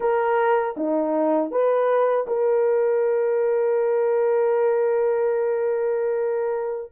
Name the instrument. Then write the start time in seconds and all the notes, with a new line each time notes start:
horn
0.00 A#4
0.76 D#4
1.51 B4
2.27 A#4